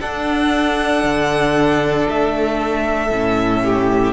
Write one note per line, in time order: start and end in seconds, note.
0.00 3.10 D4
0.00 1.04 D4
0.00 3.63 A4
0.00 2.07 F#5
1.04 2.07 D3
2.09 3.11 A3
2.09 4.13 E5
3.11 4.13 A2
3.11 4.13 C#4
3.64 4.13 G4